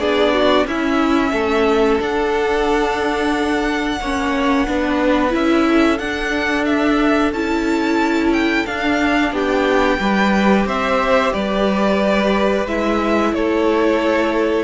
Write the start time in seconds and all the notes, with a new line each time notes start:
0.00 B3 D4 G#4 D5
0.34 F#4
0.66 C#4 E4 E5
1.32 A3 A4
2.00 D4 F#5
4.01 A#3 C#4 C#5
4.68 B3 D4 B4
5.30 C#4 E4 E5
5.67 A4
5.99 D4 F#5
6.66 E5
7.32 C#4 E4 A5
8.33 G5
8.66 D4 F5
9.32 B3 G4 G5
10.00 G3 G4 B4
10.66 C4 C5 E5
11.33 G3 B4 D5
12.66 G#3 E4 E5
13.33 A3 A4 C#5